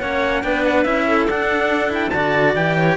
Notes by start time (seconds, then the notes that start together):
0.00 A#3 C#4 C#5 F#5
0.43 B3 D4 B4 G5
0.65 F#5
0.84 C#4 E4 E5
1.08 A4
1.28 D4 F#5
1.89 E4 G5
2.10 D3 F#4 D5 A5
2.55 E3 G4 G5
2.77 C#5